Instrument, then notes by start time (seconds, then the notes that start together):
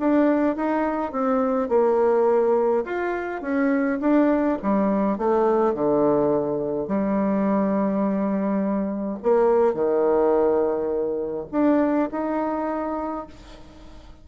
bassoon
0.00 D4
0.56 D#4
1.12 C4
1.69 A#3
2.85 F4
3.42 C#4
4.01 D4
4.63 G3
5.18 A3
5.74 D3
6.88 G3
9.23 A#3
9.74 D#3
11.52 D4
12.12 D#4